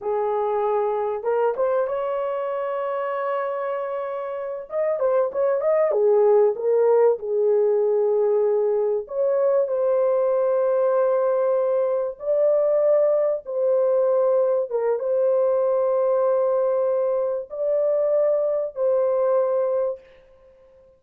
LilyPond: \new Staff \with { instrumentName = "horn" } { \time 4/4 \tempo 4 = 96 gis'2 ais'8 c''8 cis''4~ | cis''2.~ cis''8 dis''8 | c''8 cis''8 dis''8 gis'4 ais'4 gis'8~ | gis'2~ gis'8 cis''4 c''8~ |
c''2.~ c''8 d''8~ | d''4. c''2 ais'8 | c''1 | d''2 c''2 | }